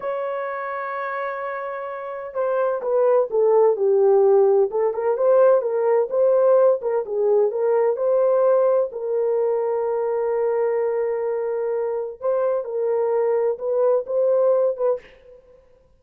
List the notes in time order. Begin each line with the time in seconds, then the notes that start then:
0.00 C#5
2.34 C5
2.81 B4
3.30 A4
3.76 G4
4.70 A4
4.93 A#4
5.17 C5
5.61 A#4
6.10 C5
6.81 A#4
7.05 G#4
7.51 A#4
7.96 C5
8.92 A#4
12.20 C5
12.64 A#4
13.58 B4
14.06 C5
14.76 B4